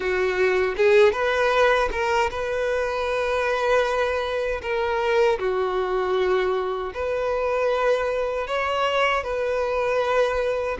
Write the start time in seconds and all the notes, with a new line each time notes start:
0.00 F#4
0.77 G#4
1.12 B4
1.91 A#4
2.30 B4
4.62 A#4
5.39 F#4
6.94 B4
8.47 C#5
9.23 B4